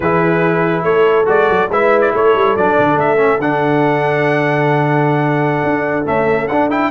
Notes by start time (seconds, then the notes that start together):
0.00 E3 E4 G#4 B4
0.83 A3 A4 C#5
1.25 G#3 F#4 D5
1.49 F#3
1.69 G#3 E4 B4 E5
2.00 D5
2.13 A3 A4 C#5
2.34 G3
2.56 F#3 D4 D5
2.78 D3
2.96 A3 E5
3.17 C#4
3.38 D3 D4 F#5
5.63 D4
6.05 A3 C#4 E5
6.47 D4 F#5
6.70 E4 G5